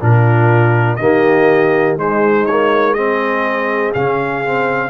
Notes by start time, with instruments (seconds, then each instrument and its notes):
0.00 tuba A#2, trombone D4, horn F4, trumpet A#4
0.97 tuba D#3, trombone A#3, horn G4, trumpet D#5
1.97 tuba G#3, trombone G#3, horn D#4, trumpet C5
2.46 trombone A#3, trumpet C#5
2.94 trombone C4, horn G#4, trumpet D#5
3.94 tuba C#3, trombone C#4, trumpet F5
4.46 trombone C4